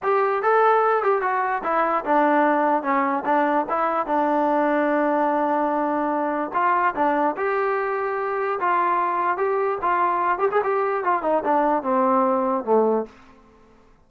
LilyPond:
\new Staff \with { instrumentName = "trombone" } { \time 4/4 \tempo 4 = 147 g'4 a'4. g'8 fis'4 | e'4 d'2 cis'4 | d'4 e'4 d'2~ | d'1 |
f'4 d'4 g'2~ | g'4 f'2 g'4 | f'4. g'16 gis'16 g'4 f'8 dis'8 | d'4 c'2 a4 | }